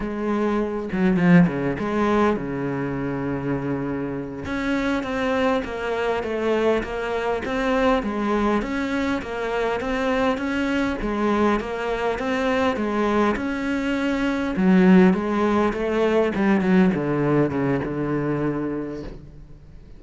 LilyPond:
\new Staff \with { instrumentName = "cello" } { \time 4/4 \tempo 4 = 101 gis4. fis8 f8 cis8 gis4 | cis2.~ cis8 cis'8~ | cis'8 c'4 ais4 a4 ais8~ | ais8 c'4 gis4 cis'4 ais8~ |
ais8 c'4 cis'4 gis4 ais8~ | ais8 c'4 gis4 cis'4.~ | cis'8 fis4 gis4 a4 g8 | fis8 d4 cis8 d2 | }